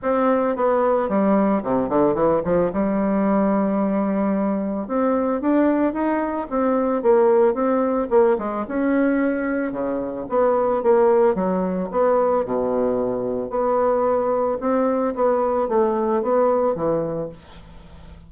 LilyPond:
\new Staff \with { instrumentName = "bassoon" } { \time 4/4 \tempo 4 = 111 c'4 b4 g4 c8 d8 | e8 f8 g2.~ | g4 c'4 d'4 dis'4 | c'4 ais4 c'4 ais8 gis8 |
cis'2 cis4 b4 | ais4 fis4 b4 b,4~ | b,4 b2 c'4 | b4 a4 b4 e4 | }